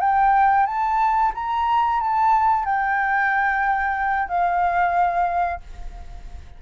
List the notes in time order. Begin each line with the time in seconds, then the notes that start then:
0.00 G5
0.66 A5
1.34 A#5
2.00 A5
2.65 G5
4.28 F5